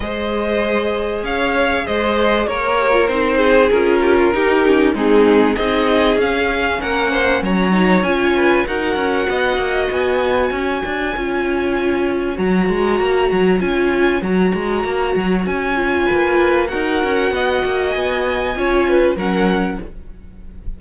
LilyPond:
<<
  \new Staff \with { instrumentName = "violin" } { \time 4/4 \tempo 4 = 97 dis''2 f''4 dis''4 | cis''4 c''4 ais'2 | gis'4 dis''4 f''4 fis''4 | ais''4 gis''4 fis''2 |
gis''1 | ais''2 gis''4 ais''4~ | ais''4 gis''2 fis''4~ | fis''4 gis''2 fis''4 | }
  \new Staff \with { instrumentName = "violin" } { \time 4/4 c''2 cis''4 c''4 | ais'4. gis'4 g'16 f'16 g'4 | dis'4 gis'2 ais'8 c''8 | cis''4. b'8 ais'4 dis''4~ |
dis''4 cis''2.~ | cis''1~ | cis''2 b'4 ais'4 | dis''2 cis''8 b'8 ais'4 | }
  \new Staff \with { instrumentName = "viola" } { \time 4/4 gis'1~ | gis'8 g'16 f'16 dis'4 f'4 dis'8 cis'8 | c'4 dis'4 cis'2~ | cis'8 dis'8 f'4 fis'2~ |
fis'2 f'2 | fis'2 f'4 fis'4~ | fis'4. f'4. fis'4~ | fis'2 f'4 cis'4 | }
  \new Staff \with { instrumentName = "cello" } { \time 4/4 gis2 cis'4 gis4 | ais4 c'4 cis'4 dis'4 | gis4 c'4 cis'4 ais4 | fis4 cis'4 dis'8 cis'8 b8 ais8 |
b4 cis'8 d'8 cis'2 | fis8 gis8 ais8 fis8 cis'4 fis8 gis8 | ais8 fis8 cis'4 ais4 dis'8 cis'8 | b8 ais8 b4 cis'4 fis4 | }
>>